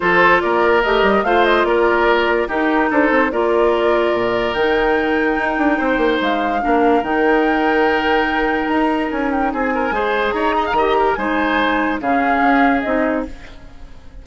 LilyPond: <<
  \new Staff \with { instrumentName = "flute" } { \time 4/4 \tempo 4 = 145 c''4 d''4 dis''4 f''8 dis''8 | d''2 ais'4 c''4 | d''2. g''4~ | g''2. f''4~ |
f''4 g''2.~ | g''4 ais''4 gis''8 g''8 gis''4~ | gis''4 ais''2 gis''4~ | gis''4 f''2 dis''4 | }
  \new Staff \with { instrumentName = "oboe" } { \time 4/4 a'4 ais'2 c''4 | ais'2 g'4 a'4 | ais'1~ | ais'2 c''2 |
ais'1~ | ais'2. gis'8 ais'8 | c''4 cis''8 dis''16 f''16 dis''8 ais'8 c''4~ | c''4 gis'2. | }
  \new Staff \with { instrumentName = "clarinet" } { \time 4/4 f'2 g'4 f'4~ | f'2 dis'2 | f'2. dis'4~ | dis'1 |
d'4 dis'2.~ | dis'1 | gis'2 g'4 dis'4~ | dis'4 cis'2 dis'4 | }
  \new Staff \with { instrumentName = "bassoon" } { \time 4/4 f4 ais4 a8 g8 a4 | ais2 dis'4 d'8 c'8 | ais2 ais,4 dis4~ | dis4 dis'8 d'8 c'8 ais8 gis4 |
ais4 dis2.~ | dis4 dis'4 cis'4 c'4 | gis4 dis'4 dis4 gis4~ | gis4 cis4 cis'4 c'4 | }
>>